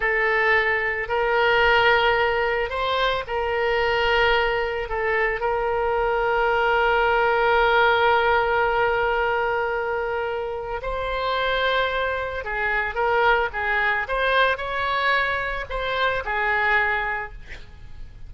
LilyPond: \new Staff \with { instrumentName = "oboe" } { \time 4/4 \tempo 4 = 111 a'2 ais'2~ | ais'4 c''4 ais'2~ | ais'4 a'4 ais'2~ | ais'1~ |
ais'1 | c''2. gis'4 | ais'4 gis'4 c''4 cis''4~ | cis''4 c''4 gis'2 | }